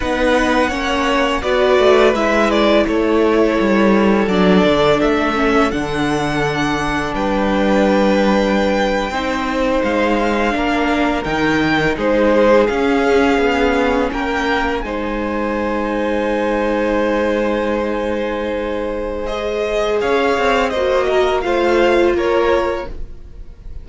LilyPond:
<<
  \new Staff \with { instrumentName = "violin" } { \time 4/4 \tempo 4 = 84 fis''2 d''4 e''8 d''8 | cis''2 d''4 e''4 | fis''2 g''2~ | g''4.~ g''16 f''2 g''16~ |
g''8. c''4 f''2 g''16~ | g''8. gis''2.~ gis''16~ | gis''2. dis''4 | f''4 dis''4 f''4 cis''4 | }
  \new Staff \with { instrumentName = "violin" } { \time 4/4 b'4 cis''4 b'2 | a'1~ | a'2 b'2~ | b'8. c''2 ais'4~ ais'16~ |
ais'8. gis'2. ais'16~ | ais'8. c''2.~ c''16~ | c''1 | cis''4 c''8 ais'8 c''4 ais'4 | }
  \new Staff \with { instrumentName = "viola" } { \time 4/4 dis'4 cis'4 fis'4 e'4~ | e'2 d'4. cis'8 | d'1~ | d'8. dis'2 d'4 dis'16~ |
dis'4.~ dis'16 cis'2~ cis'16~ | cis'8. dis'2.~ dis'16~ | dis'2. gis'4~ | gis'4 fis'4 f'2 | }
  \new Staff \with { instrumentName = "cello" } { \time 4/4 b4 ais4 b8 a8 gis4 | a4 g4 fis8 d8 a4 | d2 g2~ | g8. c'4 gis4 ais4 dis16~ |
dis8. gis4 cis'4 b4 ais16~ | ais8. gis2.~ gis16~ | gis1 | cis'8 c'8 ais4 a4 ais4 | }
>>